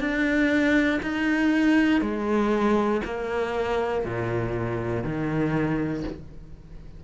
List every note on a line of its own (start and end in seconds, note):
0.00 1.00 D4
1.02 2.01 D#4
2.01 3.01 G#3
3.05 4.05 A#3
4.05 5.04 A#2
5.04 6.04 D#3